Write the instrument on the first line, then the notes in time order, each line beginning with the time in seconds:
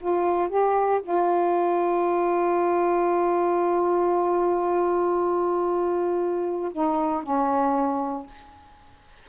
saxophone
0.00 F4
0.49 G4
1.03 F4
6.73 D#4
7.23 C#4